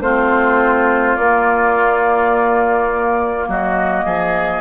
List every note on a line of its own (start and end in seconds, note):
0.00 1.15 A3
0.00 1.18 C4
0.00 3.48 F4
0.00 1.15 C5
1.15 3.47 A#3
1.15 4.60 A#3
1.15 3.46 D5
3.47 4.05 F#3
3.47 4.05 F#4
3.47 4.60 D#5
4.05 4.60 F3
4.05 4.60 G#4